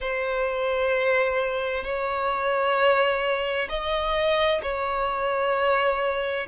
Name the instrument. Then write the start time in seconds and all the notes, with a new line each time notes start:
violin
0.00 C5
1.83 C#5
3.69 D#5
4.62 C#5